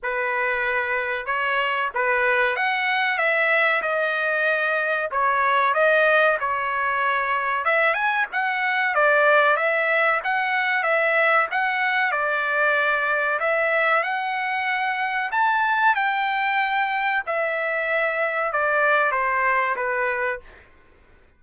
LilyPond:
\new Staff \with { instrumentName = "trumpet" } { \time 4/4 \tempo 4 = 94 b'2 cis''4 b'4 | fis''4 e''4 dis''2 | cis''4 dis''4 cis''2 | e''8 gis''8 fis''4 d''4 e''4 |
fis''4 e''4 fis''4 d''4~ | d''4 e''4 fis''2 | a''4 g''2 e''4~ | e''4 d''4 c''4 b'4 | }